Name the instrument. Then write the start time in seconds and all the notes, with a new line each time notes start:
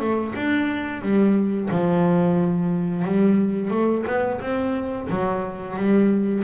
double bass
0.00 A3
0.36 D4
1.02 G3
1.71 F3
3.05 G3
3.71 A3
4.07 B3
4.41 C4
5.10 F#3
5.76 G3